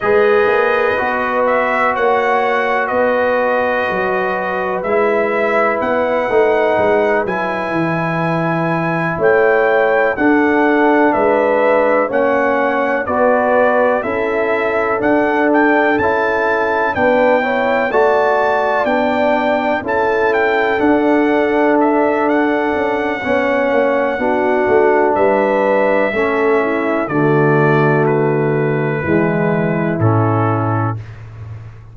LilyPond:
<<
  \new Staff \with { instrumentName = "trumpet" } { \time 4/4 \tempo 4 = 62 dis''4. e''8 fis''4 dis''4~ | dis''4 e''4 fis''4. gis''8~ | gis''4. g''4 fis''4 e''8~ | e''8 fis''4 d''4 e''4 fis''8 |
g''8 a''4 g''4 a''4 g''8~ | g''8 a''8 g''8 fis''4 e''8 fis''4~ | fis''2 e''2 | d''4 b'2 a'4 | }
  \new Staff \with { instrumentName = "horn" } { \time 4/4 b'2 cis''4 b'4~ | b'1~ | b'4. cis''4 a'4 b'8~ | b'8 cis''4 b'4 a'4.~ |
a'4. b'8 cis''8 d''4.~ | d''8 a'2.~ a'8 | cis''4 fis'4 b'4 a'8 e'8 | fis'2 e'2 | }
  \new Staff \with { instrumentName = "trombone" } { \time 4/4 gis'4 fis'2.~ | fis'4 e'4. dis'4 e'8~ | e'2~ e'8 d'4.~ | d'8 cis'4 fis'4 e'4 d'8~ |
d'8 e'4 d'8 e'8 fis'4 d'8~ | d'8 e'4 d'2~ d'8 | cis'4 d'2 cis'4 | a2 gis4 cis'4 | }
  \new Staff \with { instrumentName = "tuba" } { \time 4/4 gis8 ais8 b4 ais4 b4 | fis4 gis4 b8 a8 gis8 fis8 | e4. a4 d'4 gis8~ | gis8 ais4 b4 cis'4 d'8~ |
d'8 cis'4 b4 a4 b8~ | b8 cis'4 d'2 cis'8 | b8 ais8 b8 a8 g4 a4 | d2 e4 a,4 | }
>>